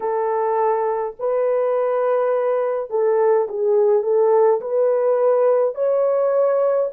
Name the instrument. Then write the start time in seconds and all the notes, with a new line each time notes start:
horn
0.00 A4
1.19 B4
2.90 A4
3.48 G#4
4.02 A4
4.60 B4
5.74 C#5